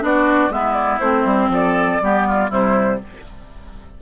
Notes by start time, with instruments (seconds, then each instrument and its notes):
0.00 bassoon B3, clarinet D4, oboe F#4, flute D5
0.49 bassoon G#3, clarinet B3, oboe E4, flute E5
0.73 flute D5
0.99 bassoon A3, clarinet C4, flute C5
1.24 bassoon G3
1.48 bassoon F3, oboe A4, flute D5
2.02 bassoon G3, clarinet B3, oboe G4
2.27 oboe F4
2.49 bassoon C3, clarinet G3, oboe E4, flute C5